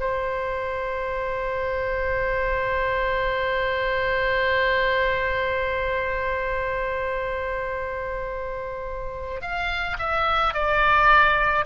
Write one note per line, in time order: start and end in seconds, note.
0.00 9.41 C5
9.41 9.97 F5
9.98 10.54 E5
10.54 11.65 D5